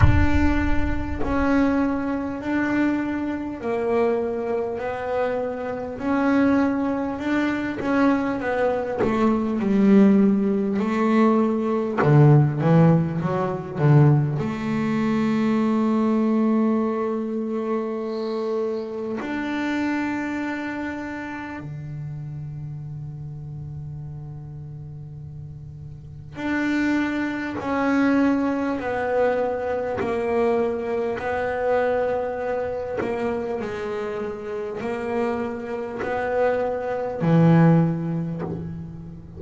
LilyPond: \new Staff \with { instrumentName = "double bass" } { \time 4/4 \tempo 4 = 50 d'4 cis'4 d'4 ais4 | b4 cis'4 d'8 cis'8 b8 a8 | g4 a4 d8 e8 fis8 d8 | a1 |
d'2 d2~ | d2 d'4 cis'4 | b4 ais4 b4. ais8 | gis4 ais4 b4 e4 | }